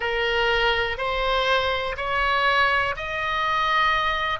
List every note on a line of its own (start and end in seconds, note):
0.00 0.97 A#4
0.97 1.96 C5
1.97 2.95 C#5
2.96 4.39 D#5